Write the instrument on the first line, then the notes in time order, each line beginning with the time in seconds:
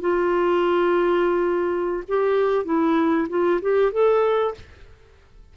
clarinet
0.00 F4
2.07 G4
2.64 E4
3.29 F4
3.61 G4
3.91 A4